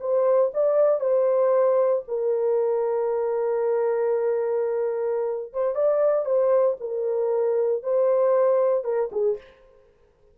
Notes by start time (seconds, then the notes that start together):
0.00 C5
0.54 D5
1.00 C5
2.08 A#4
5.53 C5
5.75 D5
6.25 C5
6.80 A#4
7.83 C5
8.84 A#4
9.12 G#4